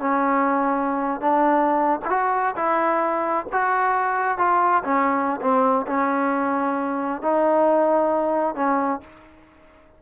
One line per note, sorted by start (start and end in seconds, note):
0.00 1.21 C#4
1.21 2.00 D4
2.05 2.10 E4
2.05 2.56 F#4
2.56 3.46 E4
3.52 4.38 F#4
4.38 4.83 F4
4.84 5.41 C#4
5.41 5.86 C4
5.87 7.22 C#4
7.22 8.56 D#4
8.56 9.01 C#4